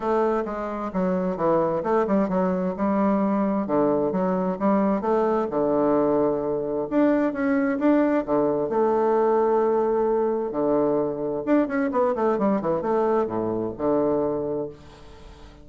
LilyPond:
\new Staff \with { instrumentName = "bassoon" } { \time 4/4 \tempo 4 = 131 a4 gis4 fis4 e4 | a8 g8 fis4 g2 | d4 fis4 g4 a4 | d2. d'4 |
cis'4 d'4 d4 a4~ | a2. d4~ | d4 d'8 cis'8 b8 a8 g8 e8 | a4 a,4 d2 | }